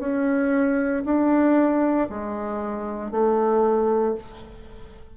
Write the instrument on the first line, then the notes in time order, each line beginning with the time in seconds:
bassoon
0.00 C#4
1.06 D4
2.10 G#3
3.11 A3